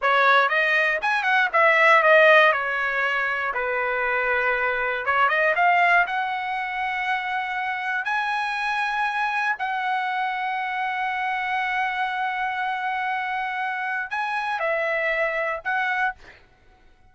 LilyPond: \new Staff \with { instrumentName = "trumpet" } { \time 4/4 \tempo 4 = 119 cis''4 dis''4 gis''8 fis''8 e''4 | dis''4 cis''2 b'4~ | b'2 cis''8 dis''8 f''4 | fis''1 |
gis''2. fis''4~ | fis''1~ | fis''1 | gis''4 e''2 fis''4 | }